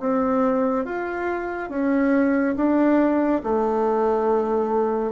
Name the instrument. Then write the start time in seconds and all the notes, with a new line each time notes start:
bassoon
0.00 C4
0.85 F4
1.70 C#4
2.56 D4
3.44 A3